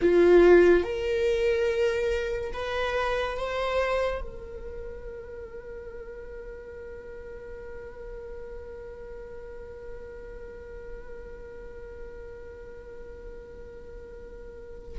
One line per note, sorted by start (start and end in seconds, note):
0.01 0.83 F4
0.83 2.52 A#4
2.52 3.37 B4
3.37 4.21 C5
4.21 14.98 A#4